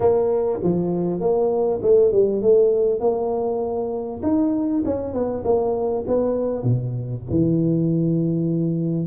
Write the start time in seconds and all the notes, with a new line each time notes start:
0.00 A#3
0.63 F3
1.20 A#3
1.82 A3
2.12 G3
2.42 A3
2.99 A#3
4.22 D#4
4.85 C#4
5.13 B3
5.44 A#3
6.07 B3
6.63 B2
7.29 E3